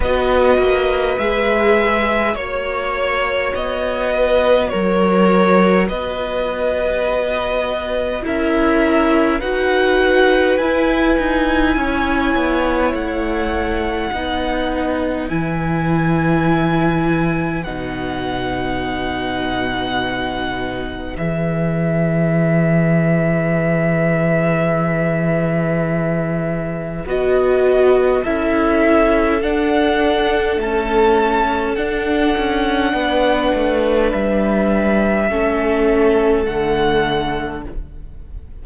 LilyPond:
<<
  \new Staff \with { instrumentName = "violin" } { \time 4/4 \tempo 4 = 51 dis''4 e''4 cis''4 dis''4 | cis''4 dis''2 e''4 | fis''4 gis''2 fis''4~ | fis''4 gis''2 fis''4~ |
fis''2 e''2~ | e''2. dis''4 | e''4 fis''4 a''4 fis''4~ | fis''4 e''2 fis''4 | }
  \new Staff \with { instrumentName = "violin" } { \time 4/4 b'2 cis''4. b'8 | ais'4 b'2 ais'4 | b'2 cis''2 | b'1~ |
b'1~ | b'1 | a'1 | b'2 a'2 | }
  \new Staff \with { instrumentName = "viola" } { \time 4/4 fis'4 gis'4 fis'2~ | fis'2. e'4 | fis'4 e'2. | dis'4 e'2 dis'4~ |
dis'2 gis'2~ | gis'2. fis'4 | e'4 d'4 a4 d'4~ | d'2 cis'4 a4 | }
  \new Staff \with { instrumentName = "cello" } { \time 4/4 b8 ais8 gis4 ais4 b4 | fis4 b2 cis'4 | dis'4 e'8 dis'8 cis'8 b8 a4 | b4 e2 b,4~ |
b,2 e2~ | e2. b4 | cis'4 d'4 cis'4 d'8 cis'8 | b8 a8 g4 a4 d4 | }
>>